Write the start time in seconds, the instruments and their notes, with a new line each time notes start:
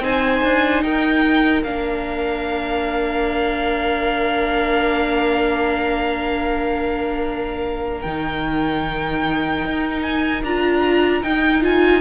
0.00 cello C4, viola D#4, violin C5 G#5
0.44 cello D4
0.83 cello D#4, violin A#4 G5
1.64 cello A#3, viola D4, violin F5
8.01 cello D#3, viola D#4, violin G5
9.65 cello D#4
10.02 violin G#5
10.43 cello D4, viola F4, violin A#5
11.23 viola D#4, cello D#4, violin G5
11.62 viola F4, violin G#5